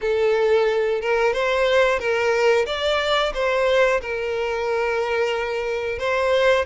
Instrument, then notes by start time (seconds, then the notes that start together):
violin
0.01 A4
1.01 A#4
1.33 C5
1.98 A#4
2.66 D5
3.34 C5
4.01 A#4
5.98 C5